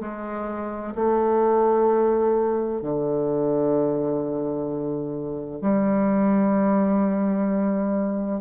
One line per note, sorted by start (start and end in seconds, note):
0.00 0.94 G#3
0.95 2.82 A3
2.82 5.61 D3
5.61 8.40 G3